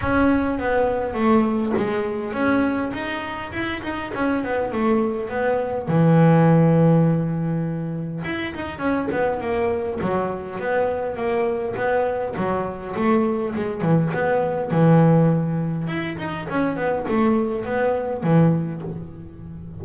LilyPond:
\new Staff \with { instrumentName = "double bass" } { \time 4/4 \tempo 4 = 102 cis'4 b4 a4 gis4 | cis'4 dis'4 e'8 dis'8 cis'8 b8 | a4 b4 e2~ | e2 e'8 dis'8 cis'8 b8 |
ais4 fis4 b4 ais4 | b4 fis4 a4 gis8 e8 | b4 e2 e'8 dis'8 | cis'8 b8 a4 b4 e4 | }